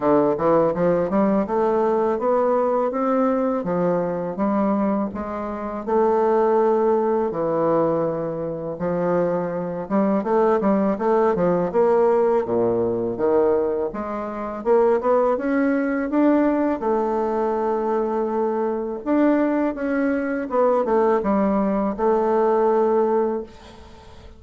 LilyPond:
\new Staff \with { instrumentName = "bassoon" } { \time 4/4 \tempo 4 = 82 d8 e8 f8 g8 a4 b4 | c'4 f4 g4 gis4 | a2 e2 | f4. g8 a8 g8 a8 f8 |
ais4 ais,4 dis4 gis4 | ais8 b8 cis'4 d'4 a4~ | a2 d'4 cis'4 | b8 a8 g4 a2 | }